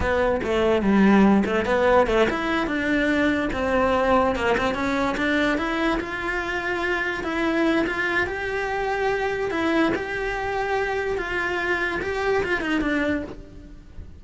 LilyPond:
\new Staff \with { instrumentName = "cello" } { \time 4/4 \tempo 4 = 145 b4 a4 g4. a8 | b4 a8 e'4 d'4.~ | d'8 c'2 ais8 c'8 cis'8~ | cis'8 d'4 e'4 f'4.~ |
f'4. e'4. f'4 | g'2. e'4 | g'2. f'4~ | f'4 g'4 f'8 dis'8 d'4 | }